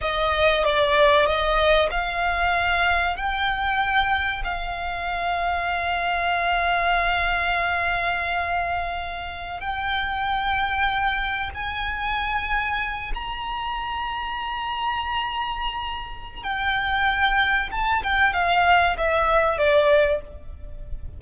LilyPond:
\new Staff \with { instrumentName = "violin" } { \time 4/4 \tempo 4 = 95 dis''4 d''4 dis''4 f''4~ | f''4 g''2 f''4~ | f''1~ | f''2.~ f''16 g''8.~ |
g''2~ g''16 gis''4.~ gis''16~ | gis''8. ais''2.~ ais''16~ | ais''2 g''2 | a''8 g''8 f''4 e''4 d''4 | }